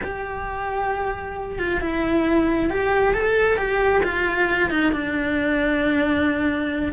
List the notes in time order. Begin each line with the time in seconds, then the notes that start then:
0.03 G4
1.58 F4
1.80 E4
2.69 G4
3.13 A4
3.57 G4
4.03 F4
4.70 D#4
4.92 D4